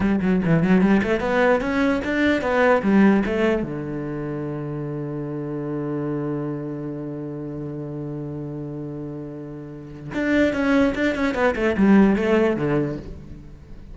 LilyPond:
\new Staff \with { instrumentName = "cello" } { \time 4/4 \tempo 4 = 148 g8 fis8 e8 fis8 g8 a8 b4 | cis'4 d'4 b4 g4 | a4 d2.~ | d1~ |
d1~ | d1~ | d4 d'4 cis'4 d'8 cis'8 | b8 a8 g4 a4 d4 | }